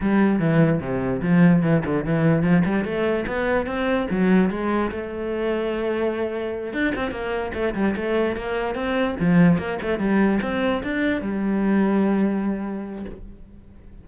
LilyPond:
\new Staff \with { instrumentName = "cello" } { \time 4/4 \tempo 4 = 147 g4 e4 c4 f4 | e8 d8 e4 f8 g8 a4 | b4 c'4 fis4 gis4 | a1~ |
a8 d'8 c'8 ais4 a8 g8 a8~ | a8 ais4 c'4 f4 ais8 | a8 g4 c'4 d'4 g8~ | g1 | }